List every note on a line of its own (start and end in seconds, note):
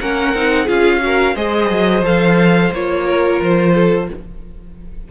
0.00 0.34 A#3
0.00 0.35 C#4
0.00 0.64 A#4
0.00 0.68 F#5
0.34 0.68 C4
0.34 0.66 D#4
0.64 1.36 C#4
0.64 1.00 F4
0.64 0.98 G#4
0.64 1.36 F5
1.00 1.34 F#4
1.00 1.35 A#4
1.35 1.70 G#3
1.35 2.04 G#4
1.35 3.05 C5
1.35 2.04 D#5
1.70 2.02 F#3
2.02 2.70 F3
2.02 2.72 A4
2.02 2.73 F5
2.72 3.40 A#3
2.72 4.11 F4
2.72 3.42 C#5
3.05 3.73 A#4
3.41 4.09 F3
3.41 4.11 C5
3.74 4.08 A4